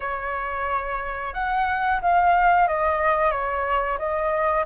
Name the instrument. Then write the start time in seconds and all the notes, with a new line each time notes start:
flute
0.00 C#5
1.33 F#5
2.01 F5
2.67 D#5
3.31 C#5
3.98 D#5